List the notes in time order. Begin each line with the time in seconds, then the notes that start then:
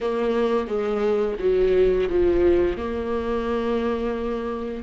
0.00 A#3
0.67 G#3
1.39 F#3
2.09 F3
2.77 A#3